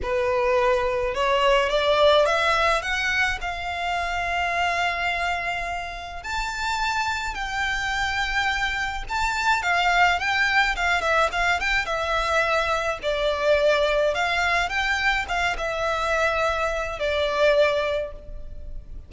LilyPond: \new Staff \with { instrumentName = "violin" } { \time 4/4 \tempo 4 = 106 b'2 cis''4 d''4 | e''4 fis''4 f''2~ | f''2. a''4~ | a''4 g''2. |
a''4 f''4 g''4 f''8 e''8 | f''8 g''8 e''2 d''4~ | d''4 f''4 g''4 f''8 e''8~ | e''2 d''2 | }